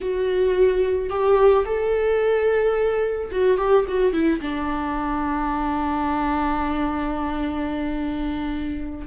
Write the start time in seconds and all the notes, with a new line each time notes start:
0.00 F#4
1.09 G4
1.65 A4
3.31 F#4
3.57 G4
3.88 F#4
4.13 E4
4.41 D4